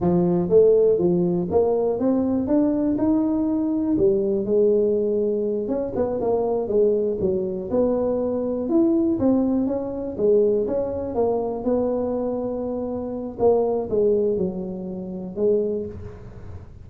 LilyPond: \new Staff \with { instrumentName = "tuba" } { \time 4/4 \tempo 4 = 121 f4 a4 f4 ais4 | c'4 d'4 dis'2 | g4 gis2~ gis8 cis'8 | b8 ais4 gis4 fis4 b8~ |
b4. e'4 c'4 cis'8~ | cis'8 gis4 cis'4 ais4 b8~ | b2. ais4 | gis4 fis2 gis4 | }